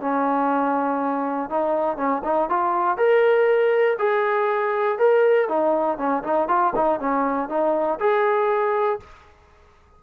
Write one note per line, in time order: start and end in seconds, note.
0.00 1.50 C#4
1.50 1.97 D#4
1.97 2.22 C#4
2.24 2.49 D#4
2.49 2.97 F4
2.97 3.97 A#4
3.99 4.99 G#4
4.99 5.49 A#4
5.49 5.98 D#4
5.98 6.23 C#4
6.23 6.48 D#4
6.48 6.73 F4
6.75 7.00 D#4
7.00 7.49 C#4
7.49 7.99 D#4
8.00 9.00 G#4